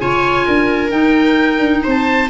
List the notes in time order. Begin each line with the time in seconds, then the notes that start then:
0.00 C#3 F4 C#5 G#5
0.46 D4 A#4
0.90 D#4 G5
1.59 D4
1.84 C4 C5
1.90 A5